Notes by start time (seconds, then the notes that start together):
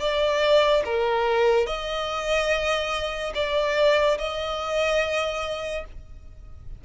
0.00 D5
0.86 A#4
1.67 D#5
3.35 D5
4.19 D#5